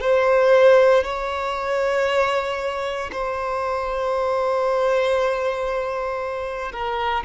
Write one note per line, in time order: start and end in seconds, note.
0.00 1.03 C5
1.03 3.10 C#5
3.12 6.71 C5
6.71 7.23 A#4